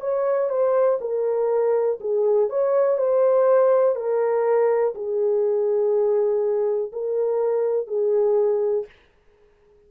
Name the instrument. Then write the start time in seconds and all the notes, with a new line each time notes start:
horn
0.00 C#5
0.50 C5
1.01 A#4
2.00 G#4
2.49 C#5
2.98 C5
3.96 A#4
4.95 G#4
6.92 A#4
7.87 G#4